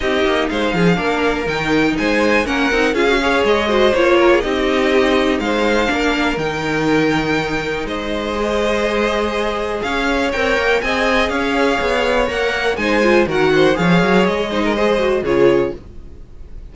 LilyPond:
<<
  \new Staff \with { instrumentName = "violin" } { \time 4/4 \tempo 4 = 122 dis''4 f''2 g''4 | gis''4 fis''4 f''4 dis''4 | cis''4 dis''2 f''4~ | f''4 g''2. |
dis''1 | f''4 g''4 gis''4 f''4~ | f''4 fis''4 gis''4 fis''4 | f''4 dis''2 cis''4 | }
  \new Staff \with { instrumentName = "violin" } { \time 4/4 g'4 c''8 gis'8 ais'2 | c''4 ais'4 gis'8 cis''4 c''8~ | c''8 ais'16 gis'16 g'2 c''4 | ais'1 |
c''1 | cis''2 dis''4 cis''4~ | cis''2 c''4 ais'8 c''8 | cis''4. c''16 ais'16 c''4 gis'4 | }
  \new Staff \with { instrumentName = "viola" } { \time 4/4 dis'2 d'4 dis'4~ | dis'4 cis'8 dis'8 f'16 fis'16 gis'4 fis'8 | f'4 dis'2. | d'4 dis'2.~ |
dis'4 gis'2.~ | gis'4 ais'4 gis'2~ | gis'4 ais'4 dis'8 f'8 fis'4 | gis'4. dis'8 gis'8 fis'8 f'4 | }
  \new Staff \with { instrumentName = "cello" } { \time 4/4 c'8 ais8 gis8 f8 ais4 dis4 | gis4 ais8 c'8 cis'4 gis4 | ais4 c'2 gis4 | ais4 dis2. |
gis1 | cis'4 c'8 ais8 c'4 cis'4 | b4 ais4 gis4 dis4 | f8 fis8 gis2 cis4 | }
>>